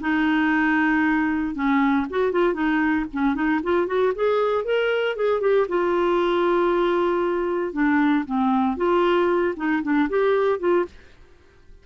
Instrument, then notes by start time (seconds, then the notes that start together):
clarinet
0.00 D#4
1.54 C#4
2.09 F#4
2.32 F4
2.53 D#4
3.12 C#4
3.34 D#4
3.63 F4
3.87 F#4
4.15 G#4
4.64 A#4
5.16 G#4
5.41 G4
5.68 F4
7.73 D4
8.25 C4
8.76 F4
9.56 D#4
9.83 D4
10.09 G4
10.59 F4